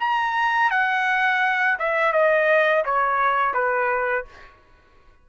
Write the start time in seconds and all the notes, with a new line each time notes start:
0.00 A#5
0.71 F#5
1.79 E5
2.13 D#5
2.85 C#5
3.54 B4